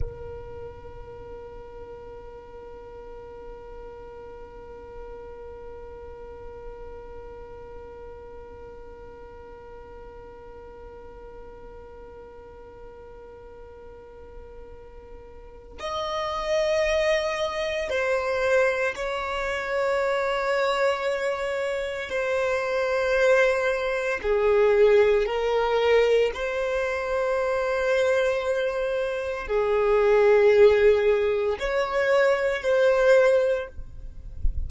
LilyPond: \new Staff \with { instrumentName = "violin" } { \time 4/4 \tempo 4 = 57 ais'1~ | ais'1~ | ais'1~ | ais'2. dis''4~ |
dis''4 c''4 cis''2~ | cis''4 c''2 gis'4 | ais'4 c''2. | gis'2 cis''4 c''4 | }